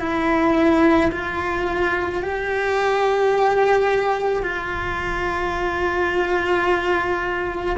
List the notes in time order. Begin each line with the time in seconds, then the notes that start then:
0.00 E4
1.12 F4
2.23 G4
4.43 F4